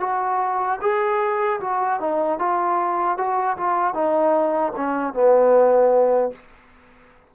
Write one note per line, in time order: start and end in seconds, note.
0.00 0.79 F#4
0.81 1.60 G#4
1.60 2.00 F#4
2.00 2.39 D#4
2.39 3.17 F4
3.17 3.57 F#4
3.57 3.94 F4
3.94 4.73 D#4
4.76 5.14 C#4
5.14 6.32 B3